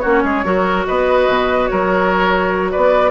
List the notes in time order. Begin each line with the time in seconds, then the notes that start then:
0.00 A#3 C#4 F#4 C#5
0.24 G#3 G#4
0.44 F#3 F#4 A#4
0.87 B3 B4 D#5
1.28 B2
1.67 F#3 A#4 C#5
2.72 B3 B4 D5